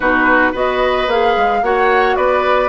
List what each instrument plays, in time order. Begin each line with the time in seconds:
0.00 bassoon B2, clarinet D#4, oboe F#4, flute B4
0.52 bassoon B3, clarinet F#4, oboe B4, flute D#5
1.07 bassoon A#3, clarinet G#4, flute F5
1.37 bassoon G#3
1.62 bassoon A#3, clarinet F#4, oboe C#5, flute F#5
2.16 bassoon B3, oboe B4, flute D5